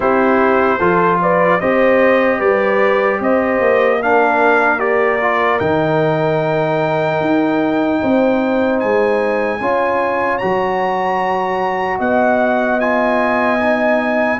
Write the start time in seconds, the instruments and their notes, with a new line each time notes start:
0.00 tuba C4, trombone E4, horn G4, trumpet C5
0.78 tuba F3, trombone F4, horn A4
1.21 horn B4, trumpet D5
1.60 tuba C4, trombone G4, horn C5, trumpet D#5
2.38 tuba G3, horn B4, trumpet D5
3.20 tuba C4, horn C5, trumpet D#5
3.59 tuba A#3
3.98 trombone D4, horn A#4, trumpet F5
4.78 trombone G4, trumpet D5
5.21 trombone F4
5.59 tuba D#3, trombone D#4, trumpet G5
7.20 tuba D#4
8.01 tuba C4, horn C5
8.79 tuba G#3, trumpet G#5
9.60 tuba C#4, trombone F4, horn C#5
10.38 tuba F#3, trombone F#4, trumpet A#5
11.98 tuba B3, horn D#5, trumpet F#5
12.80 trombone F4, trumpet G#5
13.60 trombone D#4